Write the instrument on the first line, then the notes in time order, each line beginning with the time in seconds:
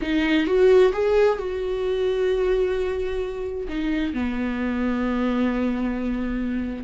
viola
0.01 D#4
0.46 F#4
0.92 G#4
1.38 F#4
3.68 D#4
4.13 B3